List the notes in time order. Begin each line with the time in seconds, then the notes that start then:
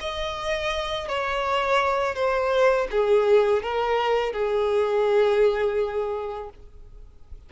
0.00 D#5
1.08 C#5
2.15 C5
2.91 G#4
3.63 A#4
4.33 G#4